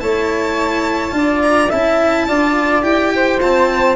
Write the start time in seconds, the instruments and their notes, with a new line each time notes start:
0.00 tuba A3, cello E4, flute C#5, violin A5
1.12 tuba D4, cello F4, flute D5
1.43 violin A#5
1.70 tuba C#4, cello E4, flute E5, violin A5
2.28 tuba D4, cello F4, flute D5
2.83 tuba E4, cello G4, violin G5
3.15 flute C5
3.40 cello C4, tuba F4, violin A5